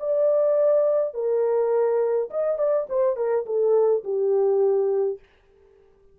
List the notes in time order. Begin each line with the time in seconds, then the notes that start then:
0.00 D5
1.14 A#4
2.31 D#5
2.59 D5
2.90 C5
3.17 A#4
3.46 A4
4.04 G4